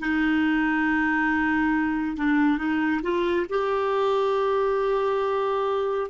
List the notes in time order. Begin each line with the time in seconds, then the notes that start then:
0.00 D#4
2.17 D4
2.58 D#4
3.03 F4
3.50 G4